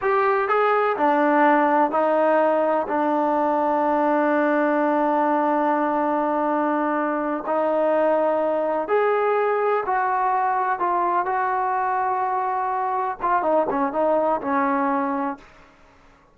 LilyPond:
\new Staff \with { instrumentName = "trombone" } { \time 4/4 \tempo 4 = 125 g'4 gis'4 d'2 | dis'2 d'2~ | d'1~ | d'2.~ d'8 dis'8~ |
dis'2~ dis'8 gis'4.~ | gis'8 fis'2 f'4 fis'8~ | fis'2.~ fis'8 f'8 | dis'8 cis'8 dis'4 cis'2 | }